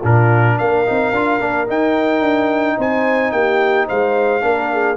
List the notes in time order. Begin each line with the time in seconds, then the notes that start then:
0.00 A#2 D4 F4 A#4
0.58 A#3 A#4 F5
0.86 C4 D#4
1.12 D4 F4
1.40 A#3 D4
1.66 D#4 G5
2.21 D4
2.77 C4 C5 G#5
3.31 A#3 G4 G5
3.87 G#3 C5 F5
4.40 A#3 D4 A#4
4.72 G#4